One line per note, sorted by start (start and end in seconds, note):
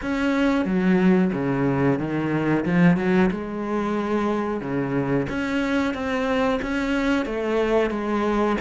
0.01 0.65 C#4
0.65 1.31 F#3
1.33 1.99 C#3
1.99 2.65 D#3
2.65 2.97 F3
2.97 3.30 F#3
3.31 4.60 G#3
4.60 5.26 C#3
5.29 5.93 C#4
5.93 6.59 C4
6.62 7.25 C#4
7.25 7.90 A3
7.90 8.56 G#3